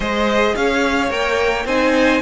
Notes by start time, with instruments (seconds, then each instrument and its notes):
0.00 cello G#3, viola G#4, violin C5 D#5
0.55 cello C#4, violin C#5 F5
1.09 cello A#3, viola A#4, violin G5
1.65 cello C4, viola D#4, violin C5 G#5